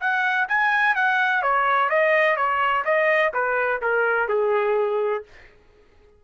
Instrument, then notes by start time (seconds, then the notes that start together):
trumpet
0.00 F#5
0.48 G#5
0.95 F#5
1.42 C#5
1.90 D#5
2.36 C#5
2.84 D#5
3.33 B4
3.82 A#4
4.28 G#4